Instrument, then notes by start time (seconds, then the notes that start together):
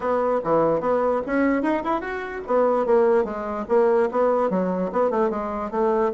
bassoon
0.00 B3
0.43 E3
0.80 B3
1.26 C#4
1.62 D#4
1.83 E4
2.01 F#4
2.47 B3
2.86 A#3
3.24 G#3
3.68 A#3
4.11 B3
4.50 F#3
4.92 B3
5.10 A3
5.29 G#3
5.71 A3